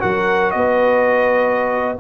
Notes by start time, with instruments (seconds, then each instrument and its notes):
0.00 tuba F#3, trombone F#4, horn A#4, trumpet F#5
0.51 tuba B3, horn B4, trumpet D#5